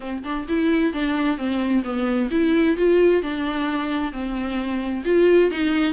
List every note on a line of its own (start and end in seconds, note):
0.00 0.23 C4
0.23 0.46 D4
0.48 0.93 E4
0.93 1.37 D4
1.37 1.83 C4
1.83 2.29 B3
2.30 2.76 E4
2.76 3.22 F4
3.22 4.12 D4
4.12 5.04 C4
5.04 5.50 F4
5.51 5.93 D#4